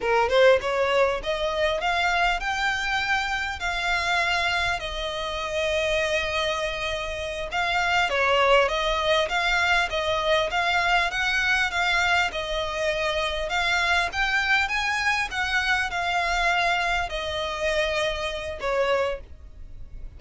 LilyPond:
\new Staff \with { instrumentName = "violin" } { \time 4/4 \tempo 4 = 100 ais'8 c''8 cis''4 dis''4 f''4 | g''2 f''2 | dis''1~ | dis''8 f''4 cis''4 dis''4 f''8~ |
f''8 dis''4 f''4 fis''4 f''8~ | f''8 dis''2 f''4 g''8~ | g''8 gis''4 fis''4 f''4.~ | f''8 dis''2~ dis''8 cis''4 | }